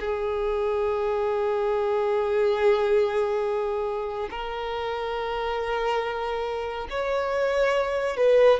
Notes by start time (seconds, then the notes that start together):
0.00 G#4
4.31 A#4
6.90 C#5
8.17 B4